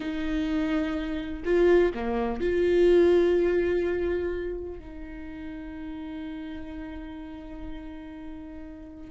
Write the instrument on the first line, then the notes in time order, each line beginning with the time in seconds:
viola
0.00 D#4
1.44 F4
1.93 A#3
2.40 F4
4.79 D#4